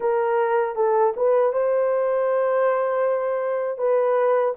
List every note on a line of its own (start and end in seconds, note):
0.00 0.75 A#4
0.75 1.13 A4
1.16 1.52 B4
1.52 3.78 C5
3.78 4.54 B4